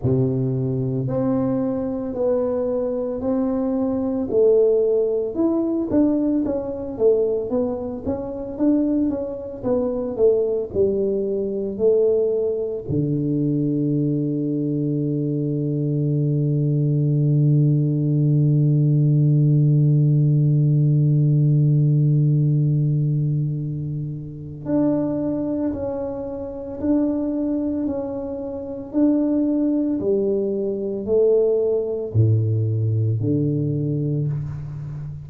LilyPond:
\new Staff \with { instrumentName = "tuba" } { \time 4/4 \tempo 4 = 56 c4 c'4 b4 c'4 | a4 e'8 d'8 cis'8 a8 b8 cis'8 | d'8 cis'8 b8 a8 g4 a4 | d1~ |
d1~ | d2. d'4 | cis'4 d'4 cis'4 d'4 | g4 a4 a,4 d4 | }